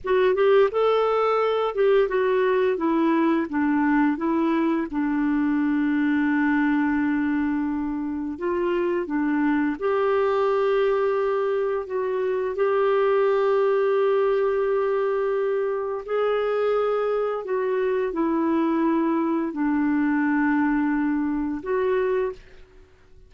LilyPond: \new Staff \with { instrumentName = "clarinet" } { \time 4/4 \tempo 4 = 86 fis'8 g'8 a'4. g'8 fis'4 | e'4 d'4 e'4 d'4~ | d'1 | f'4 d'4 g'2~ |
g'4 fis'4 g'2~ | g'2. gis'4~ | gis'4 fis'4 e'2 | d'2. fis'4 | }